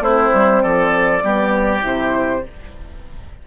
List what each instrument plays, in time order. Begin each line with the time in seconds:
0.00 bassoon A3, horn C4, oboe E4, flute C5
0.34 bassoon G3
0.63 bassoon F3, oboe A4, flute D5
1.24 bassoon G3, horn B3, oboe G4
1.82 bassoon C3, horn E4, flute C5